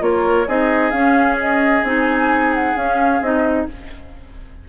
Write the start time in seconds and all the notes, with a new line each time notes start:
0.00 A#3 F4 A#4 C#5
0.47 C4 D#4 G#4 D#5
0.90 C#4 F5
1.40 D#5
1.83 C4 D#4 G#5
2.54 F#5
2.76 C#4 F5
3.21 C4 D#4 D#5